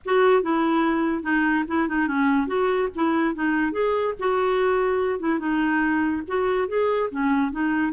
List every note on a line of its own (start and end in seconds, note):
0.05 0.42 F#4
0.42 1.22 E4
1.22 1.64 D#4
1.67 1.88 E4
1.88 2.07 D#4
2.07 2.47 C#4
2.47 2.89 F#4
2.95 3.34 E4
3.34 3.72 D#4
3.72 4.13 G#4
4.19 5.19 F#4
5.19 5.39 E4
5.39 6.22 D#4
6.27 6.68 F#4
6.68 7.09 G#4
7.10 7.51 C#4
7.51 7.92 D#4